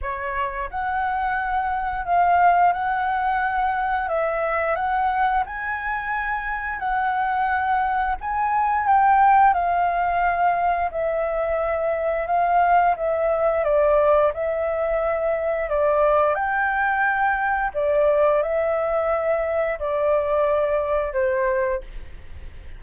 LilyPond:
\new Staff \with { instrumentName = "flute" } { \time 4/4 \tempo 4 = 88 cis''4 fis''2 f''4 | fis''2 e''4 fis''4 | gis''2 fis''2 | gis''4 g''4 f''2 |
e''2 f''4 e''4 | d''4 e''2 d''4 | g''2 d''4 e''4~ | e''4 d''2 c''4 | }